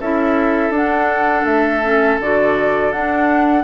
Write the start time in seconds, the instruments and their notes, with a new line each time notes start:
0.00 bassoon C#4, clarinet E4, oboe A4, flute E5
0.70 bassoon D4, clarinet D4, flute F#5
1.44 bassoon A3, flute E5
1.82 clarinet C#4
2.19 bassoon D3, clarinet F#4, flute D5
2.92 bassoon D4, clarinet D4, flute F#5